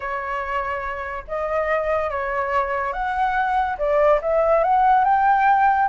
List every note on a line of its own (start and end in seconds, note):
0.00 1.24 C#5
1.27 2.10 D#5
2.10 2.92 C#5
2.92 3.76 F#5
3.77 4.19 D5
4.21 4.63 E5
4.63 5.04 F#5
5.04 5.88 G5